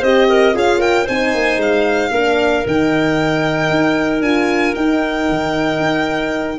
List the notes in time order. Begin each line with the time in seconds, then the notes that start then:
0.00 C4 G4 C5 D#5
0.29 A#4
0.54 C#4 F4 G#4 F5
0.79 A#4 G5
1.04 C4 D#4 C5 G#5
1.34 A#3
1.57 G#3 F5
2.11 A#3 D4 A#4
2.66 D#3 D#4 G5
3.70 D#4
4.21 D4 F4 G#5
4.75 D#4 G5
5.29 D#3
5.79 D#4